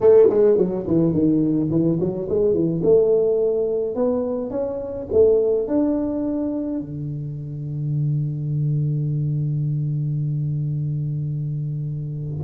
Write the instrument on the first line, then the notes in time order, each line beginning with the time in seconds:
tuba
0.00 A3
0.29 G#3
0.57 F#3
0.87 E3
1.12 D#3
1.70 E3
1.99 F#3
2.29 G#3
2.53 E3
2.83 A3
3.95 B3
4.50 C#4
5.11 A3
5.67 D4
6.80 D3